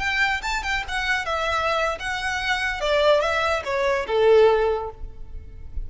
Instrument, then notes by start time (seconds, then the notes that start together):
violin
0.00 G5
0.43 A5
0.63 G5
0.88 F#5
1.26 E5
2.00 F#5
2.81 D5
3.21 E5
3.65 C#5
4.07 A4